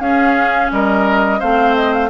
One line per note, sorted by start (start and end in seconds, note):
0.00 0.70 C#4
0.00 1.41 C#4
0.00 0.72 G#4
0.00 0.70 F5
0.72 1.42 G3
0.72 1.40 A#4
0.72 1.41 D#5
1.40 2.10 A3
1.40 2.10 C4
1.40 2.10 C5
1.40 1.75 F5
1.76 1.93 D#5
1.93 2.10 F5